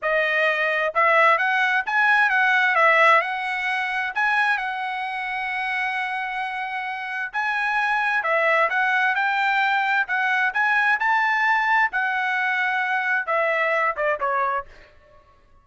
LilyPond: \new Staff \with { instrumentName = "trumpet" } { \time 4/4 \tempo 4 = 131 dis''2 e''4 fis''4 | gis''4 fis''4 e''4 fis''4~ | fis''4 gis''4 fis''2~ | fis''1 |
gis''2 e''4 fis''4 | g''2 fis''4 gis''4 | a''2 fis''2~ | fis''4 e''4. d''8 cis''4 | }